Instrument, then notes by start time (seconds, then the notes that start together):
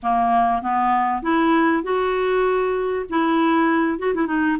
clarinet
0.02 A#3
0.62 B3
1.22 E4
1.83 F#4
3.09 E4
3.98 F#4
4.14 E4
4.26 D#4